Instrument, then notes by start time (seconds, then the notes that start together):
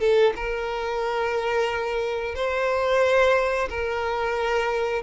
violin
0.00 A4
0.36 A#4
2.35 C5
3.69 A#4